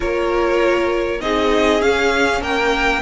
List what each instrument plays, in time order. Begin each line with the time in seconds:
0.00 cello A#3, viola F4, violin A#4 C#5
1.20 cello C4, viola D#4, violin G#4 D#5
1.81 viola C#4, cello C#4, violin F5
2.41 cello A#3, violin A#4 G5